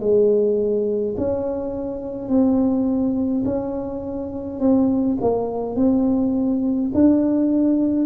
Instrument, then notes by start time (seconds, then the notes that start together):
tuba
0.00 G#3
1.17 C#4
2.29 C4
3.45 C#4
4.60 C4
5.21 A#3
5.76 C4
6.94 D4